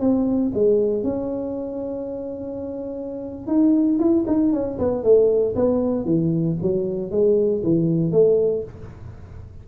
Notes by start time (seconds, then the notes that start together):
0.00 C4
0.54 G#3
1.03 C#4
3.47 D#4
3.98 E4
4.27 D#4
4.52 C#4
4.78 B3
5.03 A3
5.55 B3
6.05 E3
6.62 F#3
7.11 G#3
7.63 E3
8.12 A3